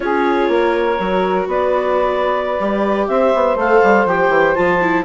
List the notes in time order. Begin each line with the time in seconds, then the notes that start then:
0.00 C#4 F4 G#4 C#5
0.48 A#3 A#4
0.99 F#3 F#4
1.46 B3 B4 D5
2.59 G3 G4
3.07 C4 C5 E5
3.34 B3
3.55 A3 A4 F5
3.83 G3
4.05 F3 G4 G5
4.28 E3
4.55 F3 F4 A5
4.81 E4